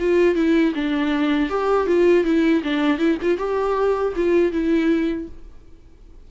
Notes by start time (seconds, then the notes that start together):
0.00 F4
0.36 E4
0.75 D4
1.50 G4
1.87 F4
2.25 E4
2.64 D4
2.99 E4
3.22 F4
3.38 G4
4.16 F4
4.53 E4